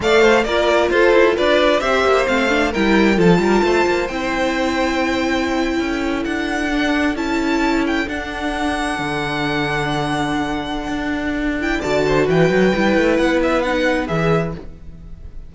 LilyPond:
<<
  \new Staff \with { instrumentName = "violin" } { \time 4/4 \tempo 4 = 132 f''4 d''4 c''4 d''4 | e''4 f''4 g''4 a''4~ | a''4 g''2.~ | g''4.~ g''16 fis''2 a''16~ |
a''4~ a''16 g''8 fis''2~ fis''16~ | fis''1~ | fis''4. g''8 a''4 g''4~ | g''4 fis''8 e''8 fis''4 e''4 | }
  \new Staff \with { instrumentName = "violin" } { \time 4/4 d''8 c''8 ais'4 a'4 b'4 | c''2 ais'4 a'8 ais'8 | c''1~ | c''8. a'2.~ a'16~ |
a'1~ | a'1~ | a'2 d''8 c''8 b'4~ | b'1 | }
  \new Staff \with { instrumentName = "viola" } { \time 4/4 a'4 f'2. | g'4 c'8 d'8 e'4 f'4~ | f'4 e'2.~ | e'2~ e'8. d'4 e'16~ |
e'4.~ e'16 d'2~ d'16~ | d'1~ | d'4. e'8 fis'2 | e'2 dis'4 gis'4 | }
  \new Staff \with { instrumentName = "cello" } { \time 4/4 a4 ais4 f'8 e'8 d'4 | c'8 ais8 a4 g4 f8 g8 | a8 ais8 c'2.~ | c'8. cis'4 d'2 cis'16~ |
cis'4.~ cis'16 d'2 d16~ | d1 | d'2 d4 e8 fis8 | g8 a8 b2 e4 | }
>>